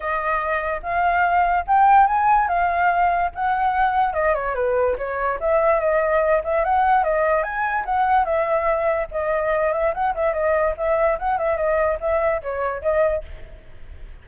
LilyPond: \new Staff \with { instrumentName = "flute" } { \time 4/4 \tempo 4 = 145 dis''2 f''2 | g''4 gis''4 f''2 | fis''2 dis''8 cis''8 b'4 | cis''4 e''4 dis''4. e''8 |
fis''4 dis''4 gis''4 fis''4 | e''2 dis''4. e''8 | fis''8 e''8 dis''4 e''4 fis''8 e''8 | dis''4 e''4 cis''4 dis''4 | }